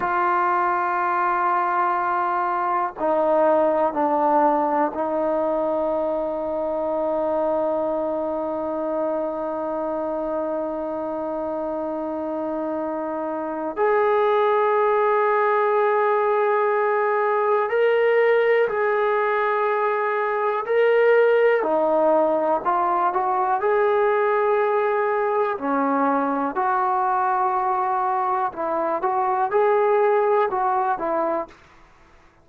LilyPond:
\new Staff \with { instrumentName = "trombone" } { \time 4/4 \tempo 4 = 61 f'2. dis'4 | d'4 dis'2.~ | dis'1~ | dis'2 gis'2~ |
gis'2 ais'4 gis'4~ | gis'4 ais'4 dis'4 f'8 fis'8 | gis'2 cis'4 fis'4~ | fis'4 e'8 fis'8 gis'4 fis'8 e'8 | }